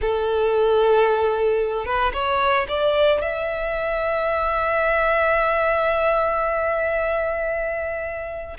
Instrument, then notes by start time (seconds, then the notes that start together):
violin
0.01 A4
1.85 B4
2.13 C#5
2.68 D5
3.21 E5